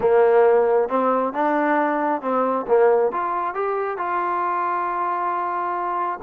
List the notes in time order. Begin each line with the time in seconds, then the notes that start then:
0.00 A#3
0.88 C4
1.33 D4
2.21 C4
2.67 A#3
3.12 F4
3.54 G4
3.97 F4